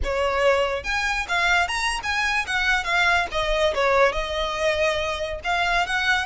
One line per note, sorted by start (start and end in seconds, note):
0.03 0.83 C#5
0.83 1.26 G#5
1.28 1.68 F5
1.68 2.00 A#5
2.03 2.45 G#5
2.46 2.84 F#5
2.84 3.26 F5
3.31 3.74 D#5
3.74 4.12 C#5
4.12 5.39 D#5
5.44 5.86 F5
5.86 6.26 F#5